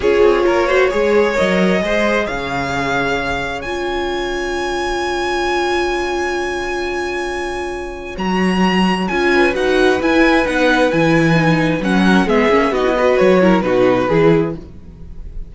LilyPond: <<
  \new Staff \with { instrumentName = "violin" } { \time 4/4 \tempo 4 = 132 cis''2. dis''4~ | dis''4 f''2. | gis''1~ | gis''1~ |
gis''2 ais''2 | gis''4 fis''4 gis''4 fis''4 | gis''2 fis''4 e''4 | dis''4 cis''4 b'2 | }
  \new Staff \with { instrumentName = "violin" } { \time 4/4 gis'4 ais'8 c''8 cis''2 | c''4 cis''2.~ | cis''1~ | cis''1~ |
cis''1~ | cis''8 b'2.~ b'8~ | b'2~ b'8 ais'8 gis'4 | fis'8 b'4 ais'8 fis'4 gis'4 | }
  \new Staff \with { instrumentName = "viola" } { \time 4/4 f'4. fis'8 gis'4 ais'4 | gis'1 | f'1~ | f'1~ |
f'2 fis'2 | f'4 fis'4 e'4 dis'4 | e'4 dis'4 cis'4 b8 cis'8 | dis'16 e'16 fis'4 e'8 dis'4 e'4 | }
  \new Staff \with { instrumentName = "cello" } { \time 4/4 cis'8 c'8 ais4 gis4 fis4 | gis4 cis2. | cis'1~ | cis'1~ |
cis'2 fis2 | cis'4 dis'4 e'4 b4 | e2 fis4 gis8 ais8 | b4 fis4 b,4 e4 | }
>>